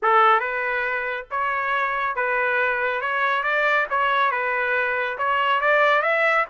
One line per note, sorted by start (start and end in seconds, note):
0.02 0.40 A4
0.40 1.26 B4
1.30 2.15 C#5
2.15 3.01 B4
3.01 3.43 C#5
3.43 3.86 D5
3.90 4.31 C#5
4.31 5.17 B4
5.18 5.60 C#5
5.60 6.02 D5
6.02 6.45 E5